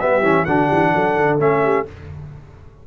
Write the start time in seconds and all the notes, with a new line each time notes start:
0.00 G3 B3 G4 E5
0.22 E3 C#4
0.45 D3 D4 F#4 F#5
0.68 E3 G4
0.95 F#3 A4
1.16 D3
1.39 A3 C#4 E5
1.64 G4